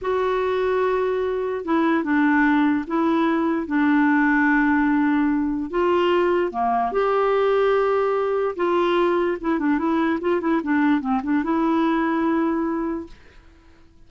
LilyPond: \new Staff \with { instrumentName = "clarinet" } { \time 4/4 \tempo 4 = 147 fis'1 | e'4 d'2 e'4~ | e'4 d'2.~ | d'2 f'2 |
ais4 g'2.~ | g'4 f'2 e'8 d'8 | e'4 f'8 e'8 d'4 c'8 d'8 | e'1 | }